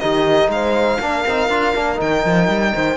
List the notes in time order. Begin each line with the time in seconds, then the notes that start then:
0.00 D#3 D#4 G4 D#5
0.49 G#3 C5 F5
1.00 A#3 D4 A#4
1.27 C4 D#4
1.49 D4 F4
1.75 A#3 D4
1.96 D#3 D#4 G5
2.26 F3
2.49 G3
2.75 D#3 C5